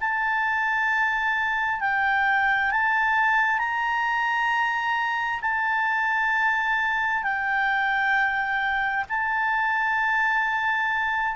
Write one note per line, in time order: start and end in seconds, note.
0.00 1.80 A5
1.80 2.71 G5
2.71 3.59 A5
3.59 5.40 A#5
5.41 7.23 A5
7.23 9.05 G5
9.09 11.36 A5